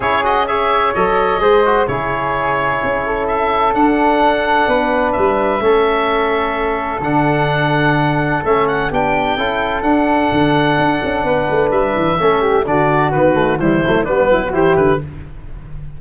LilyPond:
<<
  \new Staff \with { instrumentName = "oboe" } { \time 4/4 \tempo 4 = 128 cis''8 dis''8 e''4 dis''2 | cis''2. e''4 | fis''2. e''4~ | e''2. fis''4~ |
fis''2 e''8 fis''8 g''4~ | g''4 fis''2.~ | fis''4 e''2 d''4 | b'4 c''4 b'4 c''8 b'8 | }
  \new Staff \with { instrumentName = "flute" } { \time 4/4 gis'4 cis''2 c''4 | gis'2~ gis'8 a'4.~ | a'2 b'2 | a'1~ |
a'2. g'4 | a'1 | b'2 a'8 g'8 fis'4~ | fis'4 e'4 d'8 e'16 fis'16 g'4 | }
  \new Staff \with { instrumentName = "trombone" } { \time 4/4 e'8 fis'8 gis'4 a'4 gis'8 fis'8 | e'1 | d'1 | cis'2. d'4~ |
d'2 cis'4 d'4 | e'4 d'2.~ | d'2 cis'4 d'4 | b8 a8 g8 a8 b4 e'4 | }
  \new Staff \with { instrumentName = "tuba" } { \time 4/4 cis'2 fis4 gis4 | cis2 cis'2 | d'2 b4 g4 | a2. d4~ |
d2 a4 b4 | cis'4 d'4 d4 d'8 cis'8 | b8 a8 g8 e8 a4 d4 | dis4 e8 fis8 g8 fis8 e8 d8 | }
>>